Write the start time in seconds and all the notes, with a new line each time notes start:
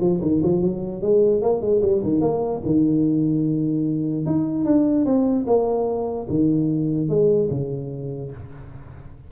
0.00 F3
0.21 D#3
0.43 F3
0.62 F#3
1.02 G#3
1.42 A#3
1.61 G#3
1.82 G3
2.03 D#3
2.21 A#3
2.65 D#3
4.26 D#4
4.65 D4
5.05 C4
5.46 A#3
6.29 D#3
7.09 G#3
7.50 C#3